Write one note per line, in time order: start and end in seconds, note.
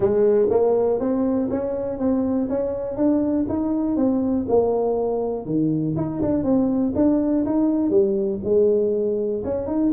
0.00 0.48 G#3
0.50 0.99 A#3
0.99 1.49 C4
1.50 1.98 C#4
1.98 2.48 C4
2.49 2.96 C#4
2.96 3.46 D4
3.48 3.96 D#4
3.96 4.45 C4
4.48 5.45 A#3
5.45 5.95 D#3
5.96 6.21 D#4
6.21 6.43 D4
6.43 6.93 C4
6.95 7.44 D4
7.45 7.90 D#4
7.90 8.39 G3
8.44 9.43 G#3
9.44 9.66 C#4
9.66 9.91 D#4